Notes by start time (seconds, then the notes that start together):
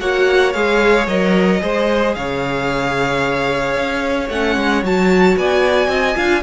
0.00 A#3 F#4 C#5 F#5
0.53 G#3 G#4 F5
1.07 F#3 A#4 D#5
1.60 G#3 G#4 C5
2.15 C#3 C#5 F5
3.77 C#4
4.29 A3 C#4 F#5
4.56 G#3
4.83 F#3 F#4 A5
5.37 B3 D5 G#5
5.88 C4 D#5
6.16 D4 F4 F5